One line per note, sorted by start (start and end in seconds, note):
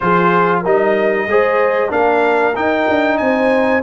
0.00 0.65 F3
0.00 0.64 F4
0.00 0.61 G#4
0.00 0.60 C5
0.61 1.26 G3
0.61 1.28 D#4
0.61 1.25 A#4
0.61 1.91 D#5
1.26 1.90 G#3
1.26 1.89 G#4
1.26 1.90 C5
1.89 2.55 A#3
1.89 2.53 D4
1.89 3.17 A#4
1.89 2.55 F5
2.55 2.87 D#4
2.55 3.82 D#4
2.55 3.17 G5
2.88 3.20 D4
3.17 3.82 C4
3.17 3.82 C5
3.17 3.81 G#5